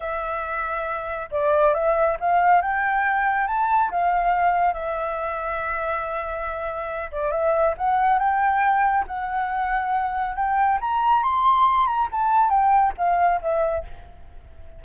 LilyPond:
\new Staff \with { instrumentName = "flute" } { \time 4/4 \tempo 4 = 139 e''2. d''4 | e''4 f''4 g''2 | a''4 f''2 e''4~ | e''1~ |
e''8 d''8 e''4 fis''4 g''4~ | g''4 fis''2. | g''4 ais''4 c'''4. ais''8 | a''4 g''4 f''4 e''4 | }